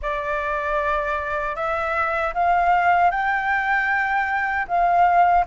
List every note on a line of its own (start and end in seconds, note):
0.01 1.55 D5
1.55 2.33 E5
2.34 3.11 F5
3.11 4.66 G5
4.67 5.45 F5